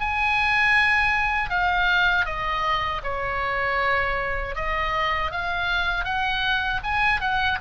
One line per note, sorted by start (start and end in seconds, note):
0.00 1.49 G#5
1.49 2.25 F5
2.25 3.01 D#5
3.03 4.55 C#5
4.55 5.31 D#5
5.31 6.04 F5
6.04 6.80 F#5
6.83 7.20 G#5
7.20 7.58 F#5